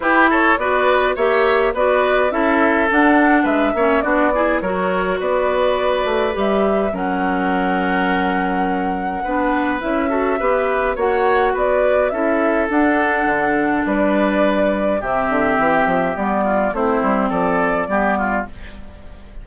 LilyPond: <<
  \new Staff \with { instrumentName = "flute" } { \time 4/4 \tempo 4 = 104 b'8 cis''8 d''4 e''4 d''4 | e''4 fis''4 e''4 d''4 | cis''4 d''2 e''4 | fis''1~ |
fis''4 e''2 fis''4 | d''4 e''4 fis''2 | d''2 e''2 | d''4 c''4 d''2 | }
  \new Staff \with { instrumentName = "oboe" } { \time 4/4 g'8 a'8 b'4 cis''4 b'4 | a'2 b'8 cis''8 fis'8 gis'8 | ais'4 b'2. | ais'1 |
b'4. a'8 b'4 cis''4 | b'4 a'2. | b'2 g'2~ | g'8 f'8 e'4 a'4 g'8 f'8 | }
  \new Staff \with { instrumentName = "clarinet" } { \time 4/4 e'4 fis'4 g'4 fis'4 | e'4 d'4. cis'8 d'8 e'8 | fis'2. g'4 | cis'1 |
d'4 e'8 fis'8 g'4 fis'4~ | fis'4 e'4 d'2~ | d'2 c'2 | b4 c'2 b4 | }
  \new Staff \with { instrumentName = "bassoon" } { \time 4/4 e'4 b4 ais4 b4 | cis'4 d'4 gis8 ais8 b4 | fis4 b4. a8 g4 | fis1 |
b4 cis'4 b4 ais4 | b4 cis'4 d'4 d4 | g2 c8 d8 e8 f8 | g4 a8 g8 f4 g4 | }
>>